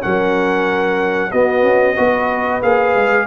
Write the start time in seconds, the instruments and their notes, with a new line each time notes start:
0.00 tuba F#3, trombone C#4, horn A#4, trumpet F#5
1.31 tuba B3, trombone B3, horn F#4, trumpet D#5
1.62 tuba C#4
1.96 tuba B3, trombone F#4, horn B4
2.62 tuba A#3, trombone G#4, trumpet F5
2.95 tuba G#3